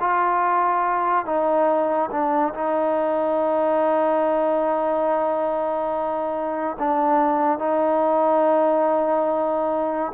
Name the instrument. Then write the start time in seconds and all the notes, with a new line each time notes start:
trombone
0.00 F4
1.25 D#4
2.11 D4
2.54 D#4
6.79 D4
7.58 D#4